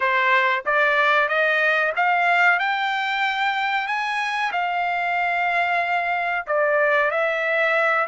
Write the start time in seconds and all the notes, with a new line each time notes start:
0.00 C5
0.65 D5
1.28 D#5
1.95 F5
2.59 G5
3.87 G#5
4.52 F5
6.46 D5
7.10 E5